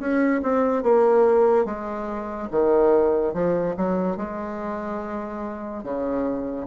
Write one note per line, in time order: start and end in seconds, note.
0.00 0.42 C#4
0.43 0.83 C4
0.83 1.66 A#3
1.66 2.49 G#3
2.51 3.34 D#3
3.34 3.75 F3
3.77 4.17 F#3
4.17 5.84 G#3
5.84 6.67 C#3